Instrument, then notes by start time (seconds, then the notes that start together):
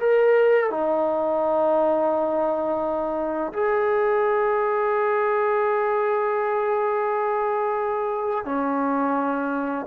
trombone
0.00 A#4
0.71 D#4
3.53 G#4
8.45 C#4